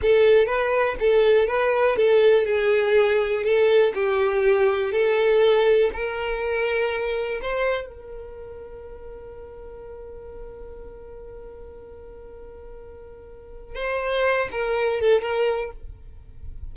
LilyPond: \new Staff \with { instrumentName = "violin" } { \time 4/4 \tempo 4 = 122 a'4 b'4 a'4 b'4 | a'4 gis'2 a'4 | g'2 a'2 | ais'2. c''4 |
ais'1~ | ais'1~ | ais'1 | c''4. ais'4 a'8 ais'4 | }